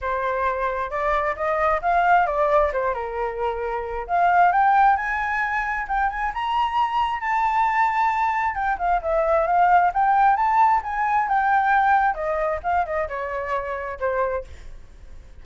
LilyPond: \new Staff \with { instrumentName = "flute" } { \time 4/4 \tempo 4 = 133 c''2 d''4 dis''4 | f''4 d''4 c''8 ais'4.~ | ais'4 f''4 g''4 gis''4~ | gis''4 g''8 gis''8 ais''2 |
a''2. g''8 f''8 | e''4 f''4 g''4 a''4 | gis''4 g''2 dis''4 | f''8 dis''8 cis''2 c''4 | }